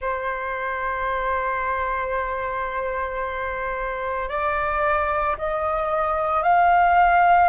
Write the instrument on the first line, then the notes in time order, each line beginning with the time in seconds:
flute
0.01 C5
4.29 D5
5.38 D#5
6.42 F5